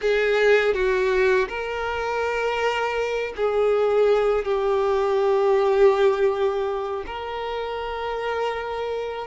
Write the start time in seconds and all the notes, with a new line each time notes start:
0.01 G#4
0.74 F#4
1.48 A#4
3.36 G#4
4.44 G4
7.06 A#4